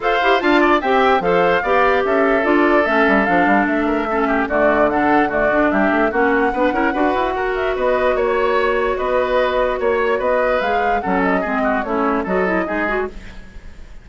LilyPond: <<
  \new Staff \with { instrumentName = "flute" } { \time 4/4 \tempo 4 = 147 f''4 a''4 g''4 f''4~ | f''4 e''4 d''4 e''4 | f''4 e''2 d''4 | fis''4 d''4 e''4 fis''4~ |
fis''2~ fis''8 e''8 dis''4 | cis''2 dis''2 | cis''4 dis''4 f''4 fis''8 dis''8~ | dis''4 cis''4 dis''2 | }
  \new Staff \with { instrumentName = "oboe" } { \time 4/4 c''4 f''8 d''8 e''4 c''4 | d''4 a'2.~ | a'4. ais'8 a'8 g'8 fis'4 | a'4 fis'4 g'4 fis'4 |
b'8 ais'8 b'4 ais'4 b'4 | cis''2 b'2 | cis''4 b'2 a'4 | gis'8 fis'8 e'4 a'4 gis'4 | }
  \new Staff \with { instrumentName = "clarinet" } { \time 4/4 a'8 g'8 f'4 g'4 a'4 | g'2 f'4 cis'4 | d'2 cis'4 a4 | d'4 a8 d'4. cis'4 |
d'8 e'8 fis'2.~ | fis'1~ | fis'2 gis'4 cis'4 | c'4 cis'4 fis'8 e'8 dis'8 fis'8 | }
  \new Staff \with { instrumentName = "bassoon" } { \time 4/4 f'8 e'8 d'4 c'4 f4 | b4 cis'4 d'4 a8 g8 | f8 g8 a2 d4~ | d2 g8 a8 ais4 |
b8 cis'8 d'8 e'8 fis'4 b4 | ais2 b2 | ais4 b4 gis4 fis4 | gis4 a4 fis4 gis4 | }
>>